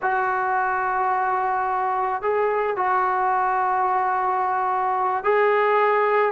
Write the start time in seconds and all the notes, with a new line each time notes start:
0.02 F#4
2.22 G#4
2.76 F#4
5.24 G#4